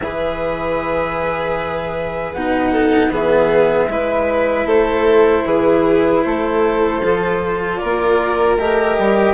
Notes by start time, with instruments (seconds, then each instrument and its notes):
0.00 bassoon E3, cello G#4, violin B4, flute E5
2.33 bassoon B2, cello D#4, flute F#5
2.71 violin A4
3.10 bassoon E3, cello B3, violin G#4, flute E5
3.88 bassoon G#3, cello E4, violin B4
4.65 bassoon A3, violin A4, flute C5
5.45 bassoon E3, violin G#4, flute B4
6.23 bassoon A3, violin A4, flute C5
7.03 bassoon F3, cello F4
7.77 violin A#4, flute D5
7.83 bassoon A#3
8.57 bassoon A3, cello G4, flute D#5
8.98 bassoon G3